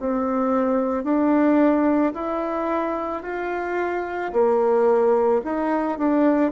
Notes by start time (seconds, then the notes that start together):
0.00 C4
1.04 D4
2.14 E4
3.23 F4
4.33 A#3
5.44 D#4
5.99 D4